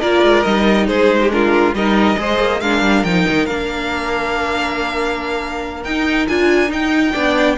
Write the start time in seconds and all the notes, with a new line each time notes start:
0.00 A#3 F4 A#4 D5
0.23 G#3
0.43 G3 D#4 D#5
0.87 G#3 G#4 C5
1.21 G4
1.30 D4 F4 A#4
1.73 G3 D#4 A#4 D#5
2.16 G#3 G#4 C5
2.39 A#3
2.61 G#3 D4 A#4 F5
2.82 G3
3.04 F3 D#4 G5
3.29 D#3
3.46 A#3 D4 F5
5.84 D#4 G5
6.28 D4 F4 G#5
6.67 D#4 G5
7.12 B3 D4 D5